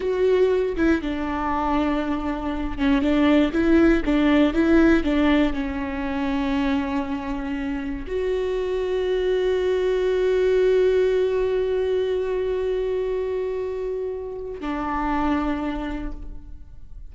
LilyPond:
\new Staff \with { instrumentName = "viola" } { \time 4/4 \tempo 4 = 119 fis'4. e'8 d'2~ | d'4. cis'8 d'4 e'4 | d'4 e'4 d'4 cis'4~ | cis'1 |
fis'1~ | fis'1~ | fis'1~ | fis'4 d'2. | }